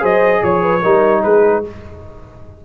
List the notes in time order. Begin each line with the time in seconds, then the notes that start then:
0.00 F#3 G#4 C5 D#5
0.43 F3 C#5
0.63 B4
0.82 G3 D#4 A#4
1.23 G#3 G#4 B4